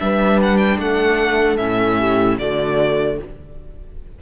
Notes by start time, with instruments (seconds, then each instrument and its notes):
0.00 cello G3, viola D4, horn B4, violin E5
0.43 violin F#5
0.57 violin G5
0.78 cello A3, horn A4, violin F#5
1.57 cello A2, viola C#4, violin E5
1.99 horn G4
2.38 cello D3, viola A3, horn F#4, violin D5